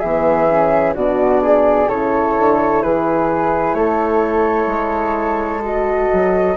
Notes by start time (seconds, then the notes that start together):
0.00 E3 B3 G#4 E5
0.49 C#4
0.94 B2 D4 F#4 D5
1.43 G#4
1.88 C#3 E4 A4 C#5
2.39 D3
2.83 E3 G#4 B4
3.74 A3 A4 C#5
4.67 G#3
5.63 F#4 D#5
6.13 F#3